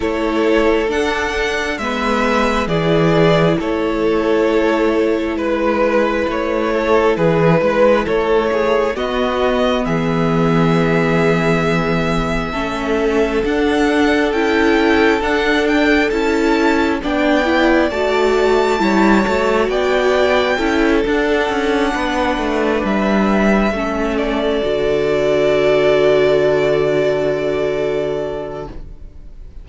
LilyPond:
<<
  \new Staff \with { instrumentName = "violin" } { \time 4/4 \tempo 4 = 67 cis''4 fis''4 e''4 d''4 | cis''2 b'4 cis''4 | b'4 cis''4 dis''4 e''4~ | e''2. fis''4 |
g''4 fis''8 g''8 a''4 g''4 | a''2 g''4. fis''8~ | fis''4. e''4. d''4~ | d''1 | }
  \new Staff \with { instrumentName = "violin" } { \time 4/4 a'2 b'4 gis'4 | a'2 b'4. a'8 | gis'8 b'8 a'8 gis'8 fis'4 gis'4~ | gis'2 a'2~ |
a'2. d''4~ | d''4 cis''4 d''4 a'4~ | a'8 b'2 a'4.~ | a'1 | }
  \new Staff \with { instrumentName = "viola" } { \time 4/4 e'4 d'4 b4 e'4~ | e'1~ | e'2 b2~ | b2 cis'4 d'4 |
e'4 d'4 e'4 d'8 e'8 | fis'4 e'8 fis'4. e'8 d'8~ | d'2~ d'8 cis'4 fis'8~ | fis'1 | }
  \new Staff \with { instrumentName = "cello" } { \time 4/4 a4 d'4 gis4 e4 | a2 gis4 a4 | e8 gis8 a4 b4 e4~ | e2 a4 d'4 |
cis'4 d'4 cis'4 b4 | a4 g8 a8 b4 cis'8 d'8 | cis'8 b8 a8 g4 a4 d8~ | d1 | }
>>